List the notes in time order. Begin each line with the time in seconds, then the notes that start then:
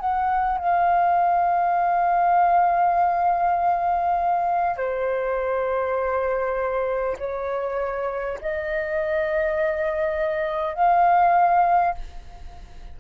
0.00 F#5
0.59 F5
4.77 C5
7.19 C#5
8.42 D#5
10.75 F5